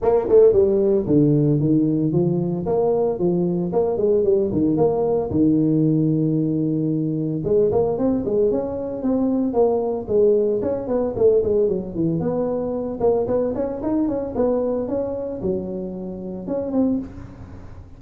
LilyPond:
\new Staff \with { instrumentName = "tuba" } { \time 4/4 \tempo 4 = 113 ais8 a8 g4 d4 dis4 | f4 ais4 f4 ais8 gis8 | g8 dis8 ais4 dis2~ | dis2 gis8 ais8 c'8 gis8 |
cis'4 c'4 ais4 gis4 | cis'8 b8 a8 gis8 fis8 e8 b4~ | b8 ais8 b8 cis'8 dis'8 cis'8 b4 | cis'4 fis2 cis'8 c'8 | }